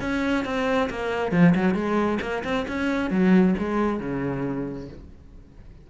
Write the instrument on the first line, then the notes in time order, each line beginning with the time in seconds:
cello
0.00 C#4
0.44 C4
0.90 A#3
1.31 F3
1.55 F#3
1.74 G#3
2.21 A#3
2.43 C4
2.68 C#4
3.10 F#3
3.58 G#3
3.99 C#3